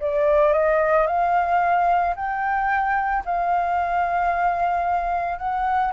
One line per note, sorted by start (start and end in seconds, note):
0.00 0.53 D5
0.53 1.07 D#5
1.07 2.15 F5
2.16 3.24 G5
3.25 5.38 F5
5.38 5.92 F#5